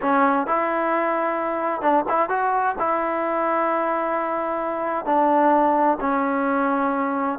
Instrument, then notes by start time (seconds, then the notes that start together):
trombone
0.01 C#4
0.46 E4
1.81 D4
2.08 E4
2.29 F#4
2.79 E4
5.05 D4
6.00 C#4